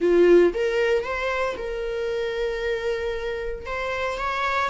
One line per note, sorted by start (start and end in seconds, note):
0.00 0.53 F4
0.54 1.03 A#4
1.03 1.56 C5
1.57 3.65 A#4
3.66 4.17 C5
4.17 4.69 C#5